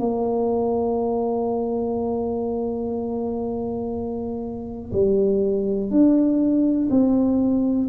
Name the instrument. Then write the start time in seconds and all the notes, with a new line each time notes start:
tuba
0.00 A#3
4.93 G3
5.91 D4
6.91 C4